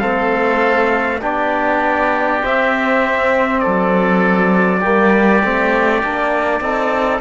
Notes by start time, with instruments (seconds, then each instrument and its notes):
0.00 cello A3, trombone C4, oboe A4, trumpet F5
1.22 cello B3, trombone D4, oboe G4, trumpet D5
2.41 trombone C4, cello C4, trumpet E5
3.60 oboe A4, trumpet D5
3.67 cello F#3
4.80 cello G3, trombone A#3, oboe G4
5.44 cello A3, trombone C4
6.02 cello A#3, trombone D4
6.61 cello C4, trombone D#4, oboe A4